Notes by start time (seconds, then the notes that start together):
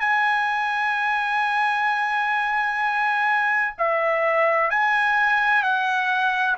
0.00 G#5
3.78 E5
4.70 G#5
5.63 F#5